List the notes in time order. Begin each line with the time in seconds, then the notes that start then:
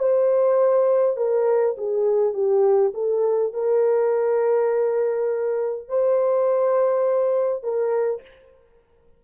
0.00 C5
1.18 A#4
1.78 G#4
2.34 G4
2.95 A4
3.53 A#4
5.89 C5
7.64 A#4